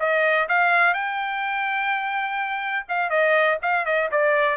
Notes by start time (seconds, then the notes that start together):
0.00 D#5
0.49 F5
0.94 G5
2.89 F5
3.10 D#5
3.62 F5
3.86 D#5
4.12 D5